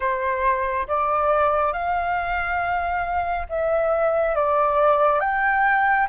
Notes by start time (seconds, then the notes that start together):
0.00 C5
0.87 D5
1.72 F5
3.49 E5
4.35 D5
5.20 G5